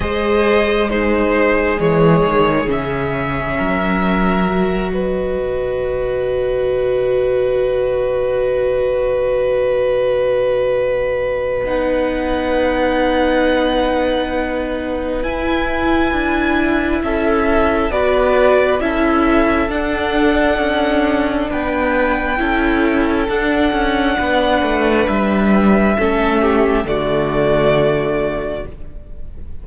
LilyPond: <<
  \new Staff \with { instrumentName = "violin" } { \time 4/4 \tempo 4 = 67 dis''4 c''4 cis''4 e''4~ | e''4. dis''2~ dis''8~ | dis''1~ | dis''4 fis''2.~ |
fis''4 gis''2 e''4 | d''4 e''4 fis''2 | g''2 fis''2 | e''2 d''2 | }
  \new Staff \with { instrumentName = "violin" } { \time 4/4 c''4 gis'2. | ais'4. b'2~ b'8~ | b'1~ | b'1~ |
b'2. a'4 | b'4 a'2. | b'4 a'2 b'4~ | b'4 a'8 g'8 fis'2 | }
  \new Staff \with { instrumentName = "viola" } { \time 4/4 gis'4 dis'4 gis4 cis'4~ | cis'4 fis'2.~ | fis'1~ | fis'4 dis'2.~ |
dis'4 e'2. | fis'4 e'4 d'2~ | d'4 e'4 d'2~ | d'4 cis'4 a2 | }
  \new Staff \with { instrumentName = "cello" } { \time 4/4 gis2 e8 dis8 cis4 | fis2 b,2~ | b,1~ | b,4 b2.~ |
b4 e'4 d'4 cis'4 | b4 cis'4 d'4 cis'4 | b4 cis'4 d'8 cis'8 b8 a8 | g4 a4 d2 | }
>>